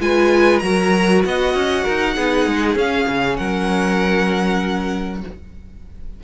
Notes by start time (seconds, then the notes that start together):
0.00 G#3 F4 B4 G#5
0.59 F#3 F#4 A#4 A#5
1.24 B3 D#5 F#5
1.54 C#4
1.84 D#4 A#4
2.15 B3 D#4 G#4
2.46 G#3
2.75 C#4 F5
3.07 C#3
3.36 F#3 A#4 F#5